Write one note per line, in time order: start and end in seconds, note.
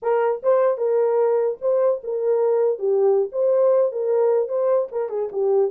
0.02 0.42 A#4
0.43 0.77 C5
0.77 1.57 A#4
1.61 2.01 C5
2.03 2.78 A#4
2.78 3.28 G4
3.31 3.91 C5
3.92 4.48 A#4
4.48 4.88 C5
4.91 5.09 A#4
5.09 5.29 G#4
5.32 5.71 G4